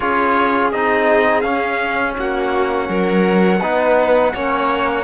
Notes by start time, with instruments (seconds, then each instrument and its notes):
0.00 cello C#4, trombone F4, violin G#4, trumpet C#5
0.71 cello C4, trombone D#4, trumpet D#5
1.41 trombone C#4, cello C#4, trumpet F5
2.17 cello A#3, violin F#4, trumpet F#5
2.88 cello F#3, violin A#4
3.60 cello B3, trombone D#4, violin B4
4.34 cello A#3, trombone C#4, violin C#5